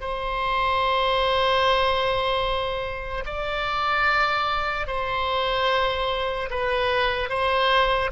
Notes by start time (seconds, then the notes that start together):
0.00 C5
3.26 D5
4.87 C5
6.50 B4
7.29 C5